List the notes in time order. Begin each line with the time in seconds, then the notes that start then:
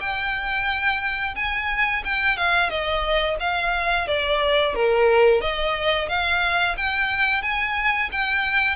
0.00 G5
1.35 G#5
2.04 G5
2.37 F5
2.69 D#5
3.40 F5
4.07 D5
4.74 A#4
5.41 D#5
6.08 F5
6.77 G5
7.42 G#5
8.11 G5